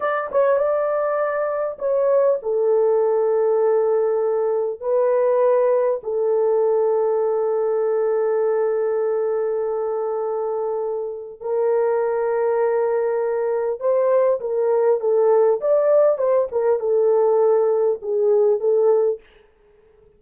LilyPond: \new Staff \with { instrumentName = "horn" } { \time 4/4 \tempo 4 = 100 d''8 cis''8 d''2 cis''4 | a'1 | b'2 a'2~ | a'1~ |
a'2. ais'4~ | ais'2. c''4 | ais'4 a'4 d''4 c''8 ais'8 | a'2 gis'4 a'4 | }